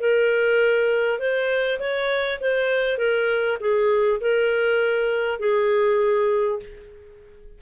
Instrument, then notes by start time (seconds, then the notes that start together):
clarinet
0.00 A#4
1.19 C5
1.80 C#5
2.41 C5
2.98 A#4
3.61 G#4
4.21 A#4
5.40 G#4